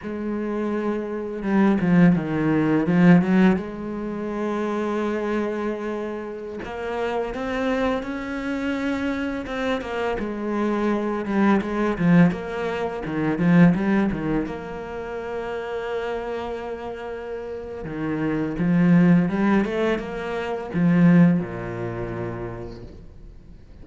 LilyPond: \new Staff \with { instrumentName = "cello" } { \time 4/4 \tempo 4 = 84 gis2 g8 f8 dis4 | f8 fis8 gis2.~ | gis4~ gis16 ais4 c'4 cis'8.~ | cis'4~ cis'16 c'8 ais8 gis4. g16~ |
g16 gis8 f8 ais4 dis8 f8 g8 dis16~ | dis16 ais2.~ ais8.~ | ais4 dis4 f4 g8 a8 | ais4 f4 ais,2 | }